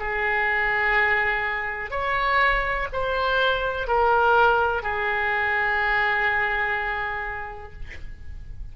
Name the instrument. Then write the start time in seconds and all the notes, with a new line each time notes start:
oboe
0.00 G#4
1.91 C#5
2.93 C5
3.88 A#4
4.83 G#4